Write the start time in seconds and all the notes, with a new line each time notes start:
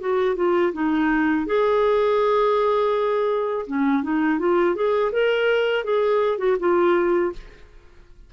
0.00 F#4
0.36 F4
0.73 D#4
1.46 G#4
3.67 C#4
4.03 D#4
4.39 F4
4.75 G#4
5.12 A#4
5.84 G#4
6.38 F#4
6.60 F4